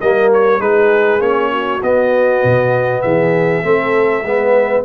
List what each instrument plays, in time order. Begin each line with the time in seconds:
0.00 tuba G3, trombone A#3, horn A#4, trumpet D#5
0.33 trumpet C#5
0.59 tuba G#3, trombone D#4, horn G#4, trumpet B4
1.19 tuba A#3, trombone C#4, trumpet C#5
1.52 horn F#4
1.82 tuba B3, trombone B3, trumpet D#5
2.44 tuba B2
3.01 tuba E3, horn G#4, trumpet E5
3.63 tuba A3, trombone C4, horn A4
4.23 tuba G#3, trombone B3, horn B4